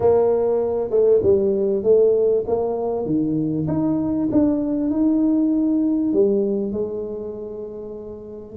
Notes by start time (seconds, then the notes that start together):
0.00 A#3
0.90 A3
1.22 G3
1.83 A3
2.47 A#3
3.05 D#3
3.67 D#4
4.31 D4
4.90 D#4
6.13 G3
6.72 G#3